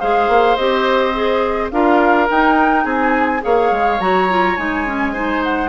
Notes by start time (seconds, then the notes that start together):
0.00 G#3 G#4 C5 F5
0.28 A#3
0.56 C4 G4 D#5
1.14 G#4
1.71 D4 F4 A#4 F5
2.29 D#4 G5
2.84 C4 G#4 G#5
3.41 A#3 G#4 C#5 F5
3.71 G#3
4.00 F#3 F#4 A#5
4.29 F4
4.56 G#3 D#4 G#5
4.86 C#4
5.13 D#4 C5
5.43 F#5